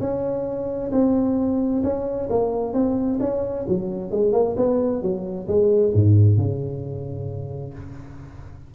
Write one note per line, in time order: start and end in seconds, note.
0.00 0.91 C#4
0.92 1.83 C4
1.83 2.29 C#4
2.30 2.74 A#3
2.74 3.19 C4
3.20 3.66 C#4
3.68 4.11 F#3
4.11 4.33 G#3
4.33 4.56 A#3
4.57 5.02 B3
5.02 5.48 F#3
5.48 5.93 G#3
5.94 6.37 G#2
6.37 7.74 C#3